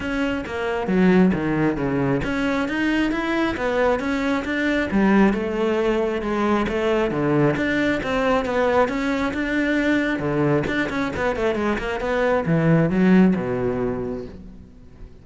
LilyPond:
\new Staff \with { instrumentName = "cello" } { \time 4/4 \tempo 4 = 135 cis'4 ais4 fis4 dis4 | cis4 cis'4 dis'4 e'4 | b4 cis'4 d'4 g4 | a2 gis4 a4 |
d4 d'4 c'4 b4 | cis'4 d'2 d4 | d'8 cis'8 b8 a8 gis8 ais8 b4 | e4 fis4 b,2 | }